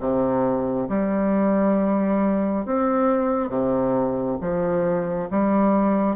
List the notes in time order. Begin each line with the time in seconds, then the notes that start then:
0.00 C3
0.89 G3
2.66 C4
3.49 C3
4.41 F3
5.31 G3